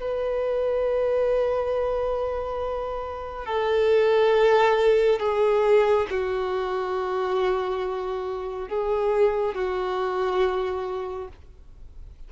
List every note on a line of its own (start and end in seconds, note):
0.00 3.46 B4
3.46 5.19 A4
5.19 6.06 G#4
6.10 8.69 F#4
8.69 9.55 G#4
9.55 11.28 F#4